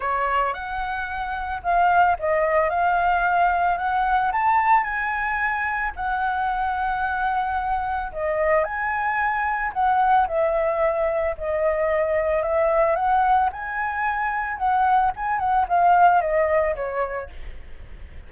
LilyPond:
\new Staff \with { instrumentName = "flute" } { \time 4/4 \tempo 4 = 111 cis''4 fis''2 f''4 | dis''4 f''2 fis''4 | a''4 gis''2 fis''4~ | fis''2. dis''4 |
gis''2 fis''4 e''4~ | e''4 dis''2 e''4 | fis''4 gis''2 fis''4 | gis''8 fis''8 f''4 dis''4 cis''4 | }